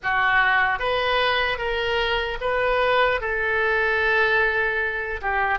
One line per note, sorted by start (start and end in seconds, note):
0.02 0.79 F#4
0.79 1.58 B4
1.58 2.38 A#4
2.40 3.20 B4
3.20 5.20 A4
5.21 5.59 G4